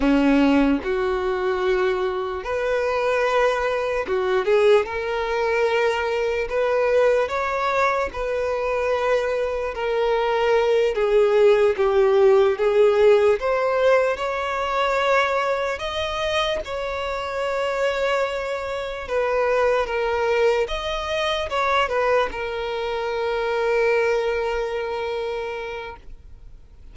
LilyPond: \new Staff \with { instrumentName = "violin" } { \time 4/4 \tempo 4 = 74 cis'4 fis'2 b'4~ | b'4 fis'8 gis'8 ais'2 | b'4 cis''4 b'2 | ais'4. gis'4 g'4 gis'8~ |
gis'8 c''4 cis''2 dis''8~ | dis''8 cis''2. b'8~ | b'8 ais'4 dis''4 cis''8 b'8 ais'8~ | ais'1 | }